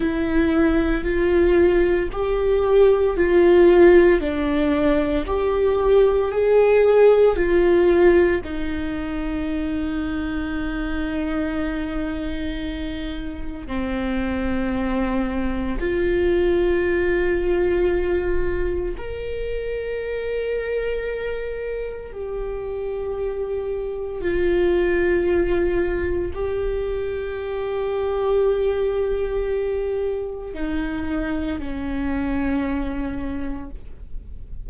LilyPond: \new Staff \with { instrumentName = "viola" } { \time 4/4 \tempo 4 = 57 e'4 f'4 g'4 f'4 | d'4 g'4 gis'4 f'4 | dis'1~ | dis'4 c'2 f'4~ |
f'2 ais'2~ | ais'4 g'2 f'4~ | f'4 g'2.~ | g'4 dis'4 cis'2 | }